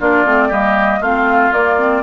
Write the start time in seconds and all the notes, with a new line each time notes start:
0.00 A#3 D4 F4 D5
0.25 A3 C4
0.49 G3 A#3 G4 D#5
1.00 A3 C4 F4 F5
1.52 A#3 D5
1.79 C4